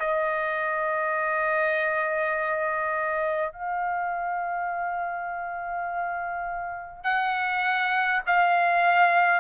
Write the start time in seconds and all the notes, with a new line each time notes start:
0.00 D#5
3.53 F5
7.04 F#5
8.27 F5